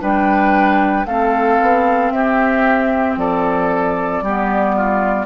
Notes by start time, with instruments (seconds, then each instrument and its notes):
0.00 bassoon G3, clarinet D4, oboe B4, flute G5
1.05 bassoon A3, clarinet C4, oboe A4, flute F5
1.61 bassoon B3
2.11 bassoon C4, oboe G4, flute E5
3.16 bassoon F3, oboe A4, flute D5
4.21 bassoon G3, clarinet B3, oboe G4
4.75 oboe F4